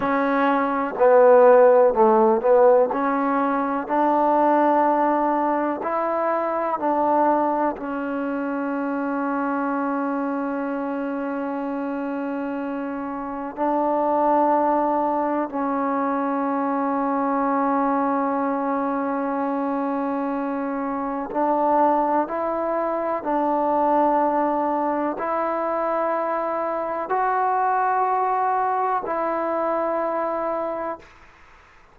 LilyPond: \new Staff \with { instrumentName = "trombone" } { \time 4/4 \tempo 4 = 62 cis'4 b4 a8 b8 cis'4 | d'2 e'4 d'4 | cis'1~ | cis'2 d'2 |
cis'1~ | cis'2 d'4 e'4 | d'2 e'2 | fis'2 e'2 | }